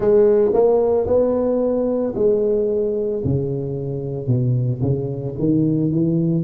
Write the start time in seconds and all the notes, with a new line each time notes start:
0.00 G#3
0.53 A#3
1.07 B3
2.15 G#3
3.24 C#3
4.27 B2
4.81 C#3
5.39 D#3
5.91 E3